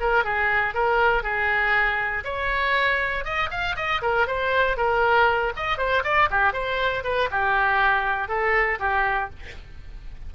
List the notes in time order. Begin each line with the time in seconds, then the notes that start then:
0.00 A#4
0.24 G#4
0.74 A#4
1.23 G#4
2.24 C#5
3.24 D#5
3.50 F5
3.76 D#5
4.02 A#4
4.27 C5
4.77 A#4
5.56 D#5
5.78 C5
6.04 D5
6.31 G4
6.53 C5
7.04 B4
7.31 G4
8.28 A4
8.79 G4